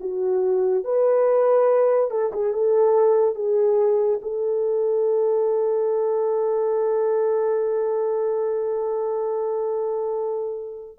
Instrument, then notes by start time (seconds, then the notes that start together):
horn
0.00 F#4
0.84 B4
2.10 A4
2.33 G#4
2.53 A4
3.35 G#4
4.22 A4